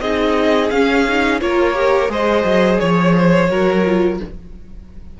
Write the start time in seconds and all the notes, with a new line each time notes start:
0.00 C4 D#4 G#4 D#5
0.70 C#4 F5
1.08 D#4
1.40 A#3 F4 A#4 C#5
1.74 G4
2.08 G#3 G#4 C5 D#5
2.44 F#3
2.79 F3 C#5
3.17 C5
3.49 F#3 F#4 A#4
3.85 F4